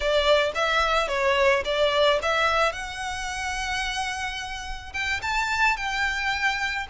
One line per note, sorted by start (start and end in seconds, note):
0.00 0.52 D5
0.55 1.08 E5
1.08 1.63 C#5
1.64 2.19 D5
2.22 2.72 E5
2.72 4.92 F#5
4.93 5.20 G5
5.22 5.76 A5
5.76 6.87 G5